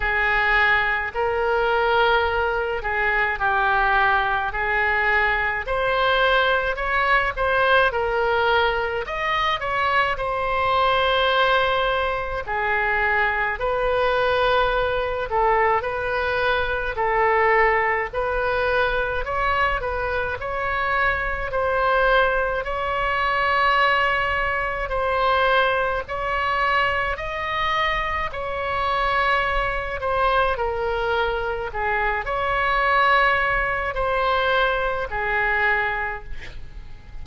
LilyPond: \new Staff \with { instrumentName = "oboe" } { \time 4/4 \tempo 4 = 53 gis'4 ais'4. gis'8 g'4 | gis'4 c''4 cis''8 c''8 ais'4 | dis''8 cis''8 c''2 gis'4 | b'4. a'8 b'4 a'4 |
b'4 cis''8 b'8 cis''4 c''4 | cis''2 c''4 cis''4 | dis''4 cis''4. c''8 ais'4 | gis'8 cis''4. c''4 gis'4 | }